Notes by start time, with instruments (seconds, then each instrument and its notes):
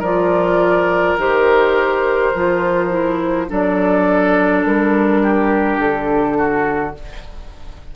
0.00 bassoon F3, clarinet F4, oboe A#4, flute D5
1.17 bassoon D#3, clarinet G4, flute C5
2.35 bassoon F3, clarinet F4
2.90 clarinet E4
3.49 bassoon F#3, clarinet D4, oboe A4, flute D5
4.65 bassoon G3, flute A#4
5.23 oboe G4
5.78 bassoon D3, flute A4
6.38 oboe F#4